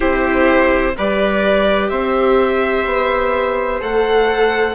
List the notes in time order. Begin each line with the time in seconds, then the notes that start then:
0.00 C4 E4 G4 C5
0.97 G3 G4 B4 D5
1.89 C4 C5 E5
2.85 B3
3.80 A3 A4 F#5